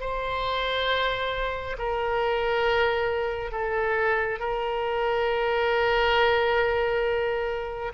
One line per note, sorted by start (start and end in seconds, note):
0.00 1.76 C5
1.78 3.51 A#4
3.51 4.39 A4
4.39 7.92 A#4